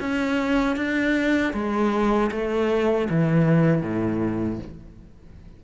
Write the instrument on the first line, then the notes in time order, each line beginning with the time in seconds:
cello
0.00 C#4
0.77 D4
1.54 G#3
2.31 A3
3.10 E3
3.82 A2